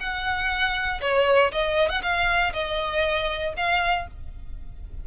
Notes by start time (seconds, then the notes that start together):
0.00 F#5
1.01 C#5
1.52 D#5
1.89 F#5
2.02 F5
2.53 D#5
3.57 F5